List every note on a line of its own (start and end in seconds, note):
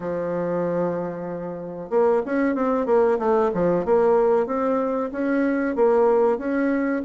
0.00 1.90 F3
1.90 2.22 A#3
2.25 2.55 C#4
2.55 2.86 C4
2.86 3.17 A#3
3.19 3.50 A3
3.53 3.85 F3
3.85 4.46 A#3
4.46 5.10 C4
5.12 5.75 C#4
5.75 6.38 A#3
6.38 7.02 C#4